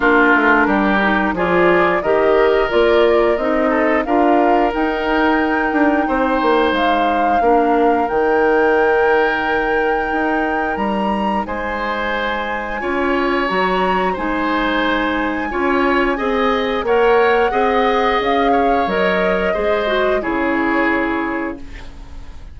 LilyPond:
<<
  \new Staff \with { instrumentName = "flute" } { \time 4/4 \tempo 4 = 89 ais'2 d''4 dis''4 | d''4 dis''4 f''4 g''4~ | g''2 f''2 | g''1 |
ais''4 gis''2. | ais''4 gis''2.~ | gis''4 fis''2 f''4 | dis''2 cis''2 | }
  \new Staff \with { instrumentName = "oboe" } { \time 4/4 f'4 g'4 gis'4 ais'4~ | ais'4. a'8 ais'2~ | ais'4 c''2 ais'4~ | ais'1~ |
ais'4 c''2 cis''4~ | cis''4 c''2 cis''4 | dis''4 cis''4 dis''4. cis''8~ | cis''4 c''4 gis'2 | }
  \new Staff \with { instrumentName = "clarinet" } { \time 4/4 d'4. dis'8 f'4 g'4 | f'4 dis'4 f'4 dis'4~ | dis'2. d'4 | dis'1~ |
dis'2. f'4 | fis'4 dis'2 f'4 | gis'4 ais'4 gis'2 | ais'4 gis'8 fis'8 e'2 | }
  \new Staff \with { instrumentName = "bassoon" } { \time 4/4 ais8 a8 g4 f4 dis4 | ais4 c'4 d'4 dis'4~ | dis'8 d'8 c'8 ais8 gis4 ais4 | dis2. dis'4 |
g4 gis2 cis'4 | fis4 gis2 cis'4 | c'4 ais4 c'4 cis'4 | fis4 gis4 cis2 | }
>>